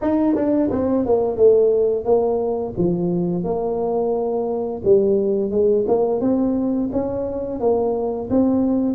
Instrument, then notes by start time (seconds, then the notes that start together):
tuba
0.01 D#4
0.35 D4
0.71 C4
1.05 A#3
1.36 A3
2.04 A#3
2.77 F3
3.44 A#3
4.84 G3
5.50 G#3
5.87 A#3
6.21 C4
6.92 C#4
7.60 A#3
8.29 C4